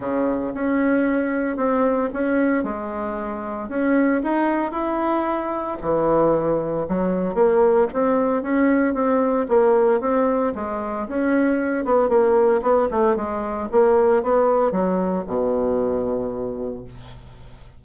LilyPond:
\new Staff \with { instrumentName = "bassoon" } { \time 4/4 \tempo 4 = 114 cis4 cis'2 c'4 | cis'4 gis2 cis'4 | dis'4 e'2 e4~ | e4 fis4 ais4 c'4 |
cis'4 c'4 ais4 c'4 | gis4 cis'4. b8 ais4 | b8 a8 gis4 ais4 b4 | fis4 b,2. | }